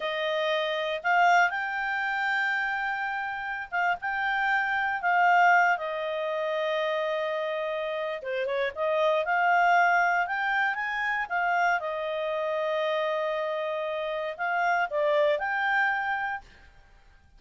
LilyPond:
\new Staff \with { instrumentName = "clarinet" } { \time 4/4 \tempo 4 = 117 dis''2 f''4 g''4~ | g''2.~ g''16 f''8 g''16~ | g''4.~ g''16 f''4. dis''8.~ | dis''1 |
c''8 cis''8 dis''4 f''2 | g''4 gis''4 f''4 dis''4~ | dis''1 | f''4 d''4 g''2 | }